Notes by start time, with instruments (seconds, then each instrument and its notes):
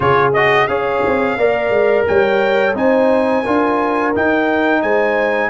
0.00 tuba C#3, trombone F4, horn G#4, trumpet C#5
0.33 trombone F#4, trumpet D#5
0.67 tuba C#4, trombone G#4, horn C#5, trumpet F5
1.06 tuba C4
1.36 tuba A#3, trombone A#4, horn D5
1.69 tuba G#3
2.06 tuba G3, horn C#5, trumpet G5
2.74 tuba C4, trombone D#4, horn C5, trumpet G#5
3.43 tuba D4, trombone F4, horn A#4
4.15 trombone D#4, tuba D#4, trumpet G5
4.82 tuba G#3, horn C5, trumpet G#5